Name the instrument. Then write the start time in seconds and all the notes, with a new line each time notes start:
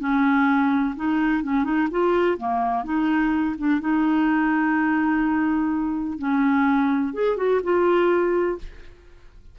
clarinet
0.00 C#4
0.96 D#4
1.44 C#4
1.65 D#4
1.91 F4
2.38 A#3
2.84 D#4
3.59 D4
3.81 D#4
6.19 C#4
7.14 G#4
7.37 F#4
7.64 F4